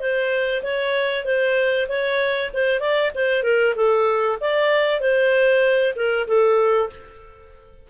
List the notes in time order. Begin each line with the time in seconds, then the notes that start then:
0.00 C5
0.62 C#5
1.25 C5
1.88 C#5
2.54 C5
2.80 D5
3.15 C5
3.43 A#4
3.76 A4
4.40 D5
5.00 C5
5.95 A#4
6.27 A4